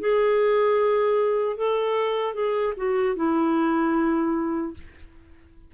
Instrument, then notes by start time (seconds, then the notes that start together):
clarinet
0.00 G#4
1.57 A4
2.34 G#4
2.77 F#4
3.16 E4